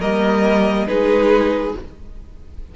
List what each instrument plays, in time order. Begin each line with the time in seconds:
0.00 cello G3, viola A#3, violin A#4 D#5
0.87 cello G#3, viola D#4, violin G#4 B4